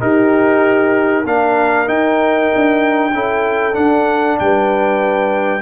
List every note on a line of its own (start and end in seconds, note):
0.00 1.25 D#4
0.00 1.26 D#4
0.00 1.24 G4
0.00 1.26 A#4
1.24 1.88 A#3
1.24 1.87 D4
1.24 3.11 A#4
1.24 1.89 F5
1.87 3.12 D#4
1.87 2.51 D#4
1.87 3.75 G5
2.55 3.14 D4
3.14 3.77 C#4
3.14 3.73 E4
3.14 4.40 A4
3.73 5.61 D4
3.73 4.40 D4
3.73 4.38 F#5
4.40 5.62 G3
4.40 5.62 B4
4.40 5.62 G5